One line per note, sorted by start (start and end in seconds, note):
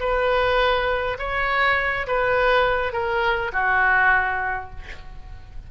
0.00 1.18 B4
1.19 2.07 C#5
2.07 2.93 B4
2.93 3.52 A#4
3.53 4.71 F#4